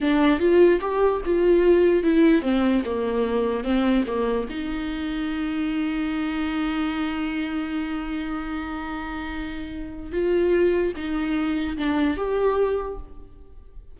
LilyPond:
\new Staff \with { instrumentName = "viola" } { \time 4/4 \tempo 4 = 148 d'4 f'4 g'4 f'4~ | f'4 e'4 c'4 ais4~ | ais4 c'4 ais4 dis'4~ | dis'1~ |
dis'1~ | dis'1~ | dis'4 f'2 dis'4~ | dis'4 d'4 g'2 | }